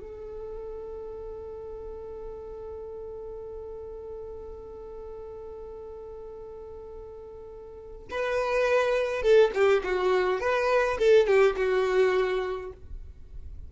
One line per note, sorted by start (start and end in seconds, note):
0.00 8.08 A4
8.11 9.23 B4
9.23 9.51 A4
9.55 9.83 G4
9.84 10.40 F#4
10.40 10.98 B4
10.99 11.27 A4
11.27 11.56 G4
11.57 12.72 F#4